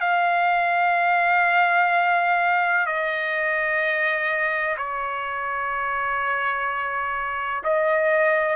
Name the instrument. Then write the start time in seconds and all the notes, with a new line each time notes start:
trumpet
0.00 F5
2.86 D#5
4.77 C#5
7.64 D#5